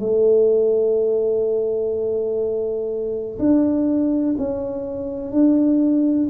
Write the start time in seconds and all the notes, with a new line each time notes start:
0.00 A3
3.39 D4
4.38 C#4
5.32 D4